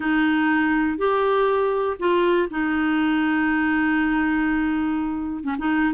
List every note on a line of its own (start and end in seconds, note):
0.00 0.98 D#4
0.98 1.97 G4
1.99 2.49 F4
2.50 5.43 D#4
5.43 5.56 C#4
5.58 5.93 D#4